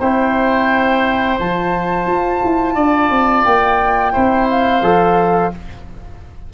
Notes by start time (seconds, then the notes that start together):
0.00 C4 E4 C5 G5
1.39 F3 F4 A5
2.07 F4
2.44 E4
2.75 D4 D5
3.10 C4
3.45 A#3 G5
4.12 C4 E4 C5
4.50 F5
4.82 F3 A4